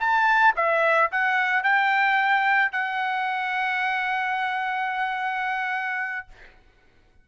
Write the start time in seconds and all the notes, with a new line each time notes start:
0.00 A5
0.56 E5
1.12 F#5
1.63 G5
2.72 F#5